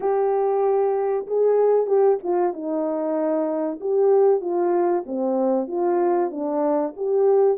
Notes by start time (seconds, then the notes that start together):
0.00 G4
1.27 G#4
1.86 G4
2.23 F4
2.53 D#4
3.80 G4
4.40 F4
5.06 C4
5.67 F4
6.30 D4
6.96 G4